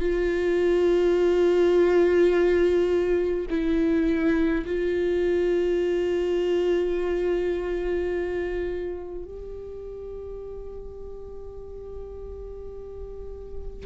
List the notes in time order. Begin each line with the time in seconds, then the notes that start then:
0.00 F4
3.50 E4
4.66 F4
9.25 G4